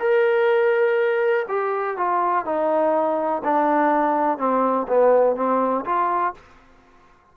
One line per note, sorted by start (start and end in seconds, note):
0.00 1.46 A#4
1.49 1.98 G4
1.98 2.45 F4
2.45 3.43 D#4
3.44 4.38 D4
4.38 4.87 C4
4.88 5.37 B3
5.37 5.85 C4
5.86 6.34 F4